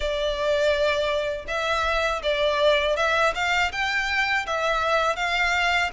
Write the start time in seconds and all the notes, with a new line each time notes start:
0.00 D5
1.47 E5
2.22 D5
2.96 E5
3.34 F5
3.72 G5
4.46 E5
5.16 F5